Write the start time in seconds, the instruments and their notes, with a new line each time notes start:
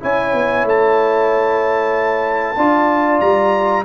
0.00 tuba C#4, trombone E4, horn C#5, trumpet G#5
0.33 tuba B3
0.64 tuba A3, trumpet A5
2.57 tuba D4, trombone F4, horn D5
3.20 tuba G3, trumpet A#5